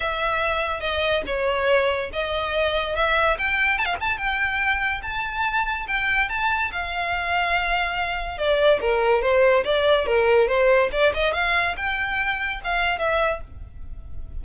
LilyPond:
\new Staff \with { instrumentName = "violin" } { \time 4/4 \tempo 4 = 143 e''2 dis''4 cis''4~ | cis''4 dis''2 e''4 | g''4 a''16 f''16 a''8 g''2 | a''2 g''4 a''4 |
f''1 | d''4 ais'4 c''4 d''4 | ais'4 c''4 d''8 dis''8 f''4 | g''2 f''4 e''4 | }